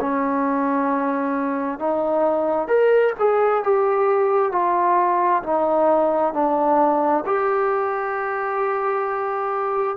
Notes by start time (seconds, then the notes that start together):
0.00 C#4
1.79 D#4
2.68 A#4
3.19 G#4
3.63 G4
4.52 F4
5.43 D#4
6.33 D4
7.26 G4